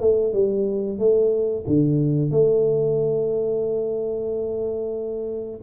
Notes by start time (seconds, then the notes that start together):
0.00 A3
0.33 G3
0.99 A3
1.66 D3
2.30 A3